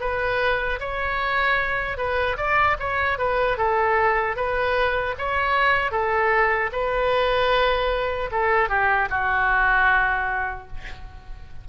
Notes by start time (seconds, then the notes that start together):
0.00 B4
0.80 C#5
1.97 B4
2.37 D5
2.80 C#5
3.18 B4
3.57 A4
4.36 B4
5.18 C#5
5.91 A4
6.72 B4
8.31 A4
8.69 G4
9.10 F#4